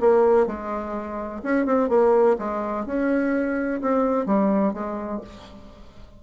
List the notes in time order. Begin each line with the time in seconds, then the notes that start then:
0.00 A#3
0.46 G#3
1.43 C#4
1.66 C4
1.89 A#3
2.39 G#3
2.86 C#4
3.82 C4
4.26 G3
4.73 G#3